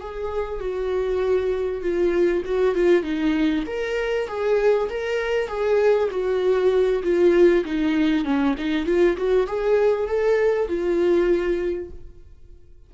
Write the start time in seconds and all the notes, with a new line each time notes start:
0.00 G#4
0.60 F#4
1.81 F4
2.45 F#4
2.74 F4
3.03 D#4
3.66 A#4
4.27 G#4
4.89 A#4
5.47 G#4
6.10 F#4
7.03 F4
7.65 D#4
8.24 C#4
8.57 D#4
8.86 F4
9.17 F#4
9.47 G#4
10.07 A4
10.68 F4